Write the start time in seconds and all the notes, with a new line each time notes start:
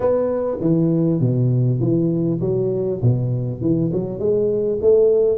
0.00 B3
0.60 E3
1.20 B2
1.79 E3
2.41 F#3
3.02 B2
3.61 E3
3.92 F#3
4.19 G#3
4.81 A3